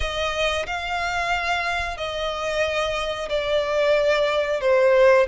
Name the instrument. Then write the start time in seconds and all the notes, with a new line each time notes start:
violin
0.00 D#5
0.66 F5
1.97 D#5
3.29 D5
4.60 C5